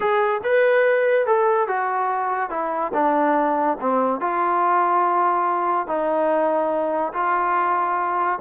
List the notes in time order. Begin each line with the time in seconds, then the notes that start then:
0.00 G#4
0.43 B4
1.26 A4
1.67 F#4
2.50 E4
2.93 D4
3.80 C4
4.20 F4
5.87 D#4
7.13 F4